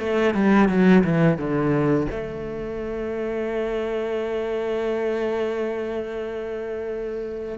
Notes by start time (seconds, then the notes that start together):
0.00 A3
0.34 G3
0.69 F#3
1.04 E3
1.38 D3
2.11 A3